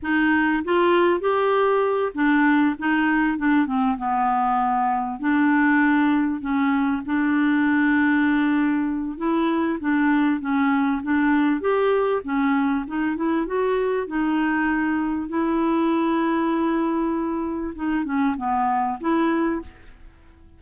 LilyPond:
\new Staff \with { instrumentName = "clarinet" } { \time 4/4 \tempo 4 = 98 dis'4 f'4 g'4. d'8~ | d'8 dis'4 d'8 c'8 b4.~ | b8 d'2 cis'4 d'8~ | d'2. e'4 |
d'4 cis'4 d'4 g'4 | cis'4 dis'8 e'8 fis'4 dis'4~ | dis'4 e'2.~ | e'4 dis'8 cis'8 b4 e'4 | }